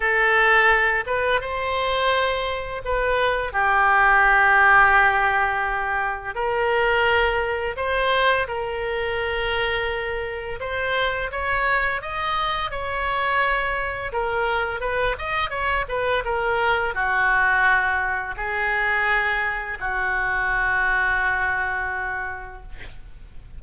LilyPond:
\new Staff \with { instrumentName = "oboe" } { \time 4/4 \tempo 4 = 85 a'4. b'8 c''2 | b'4 g'2.~ | g'4 ais'2 c''4 | ais'2. c''4 |
cis''4 dis''4 cis''2 | ais'4 b'8 dis''8 cis''8 b'8 ais'4 | fis'2 gis'2 | fis'1 | }